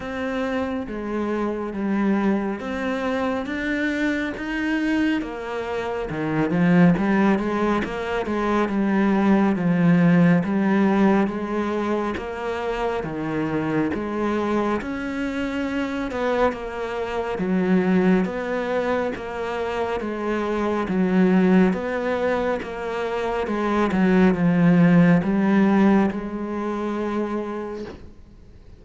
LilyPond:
\new Staff \with { instrumentName = "cello" } { \time 4/4 \tempo 4 = 69 c'4 gis4 g4 c'4 | d'4 dis'4 ais4 dis8 f8 | g8 gis8 ais8 gis8 g4 f4 | g4 gis4 ais4 dis4 |
gis4 cis'4. b8 ais4 | fis4 b4 ais4 gis4 | fis4 b4 ais4 gis8 fis8 | f4 g4 gis2 | }